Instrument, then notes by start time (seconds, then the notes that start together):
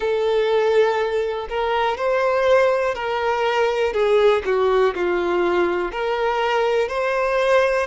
violin
0.00 A4
1.49 A#4
1.97 C5
2.95 A#4
3.93 G#4
4.45 F#4
4.94 F4
5.91 A#4
6.88 C5